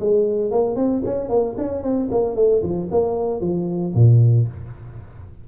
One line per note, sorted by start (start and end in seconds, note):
0.00 0.51 G#3
0.51 0.76 A#3
0.76 1.03 C4
1.05 1.29 C#4
1.29 1.56 A#3
1.58 1.83 C#4
1.83 2.10 C4
2.11 2.36 A#3
2.36 2.62 A3
2.63 2.89 F3
2.91 3.41 A#3
3.41 3.94 F3
3.95 4.48 A#2